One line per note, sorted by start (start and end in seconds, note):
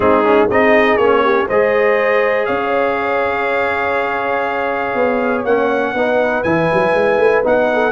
0.00 0.49 G#3
0.00 0.23 C4
0.00 0.50 D#4
0.00 0.48 G#4
0.23 0.48 C#4
0.50 0.97 C4
0.50 1.00 D#4
0.50 1.24 G#4
0.50 0.97 D#5
0.97 1.47 A#3
0.97 1.49 C#4
0.97 1.46 C#5
1.24 1.47 G4
1.47 2.48 G#3
1.47 5.47 G#4
1.47 2.46 C5
1.47 2.45 D#5
2.45 4.95 C#4
2.45 5.94 C#5
2.45 5.43 F5
4.95 5.44 B3
5.44 5.93 A#3
5.44 5.96 C#4
5.44 6.43 F#5
5.93 6.43 B3
5.93 6.44 D#4
5.93 7.69 B4
6.43 6.69 E3
6.43 7.43 E4
6.43 7.42 G#5
6.72 6.93 F#3
6.93 7.18 G#3
7.18 7.43 A3
7.43 7.92 B3
7.43 7.92 D#4
7.43 7.92 F#5
7.72 7.92 A4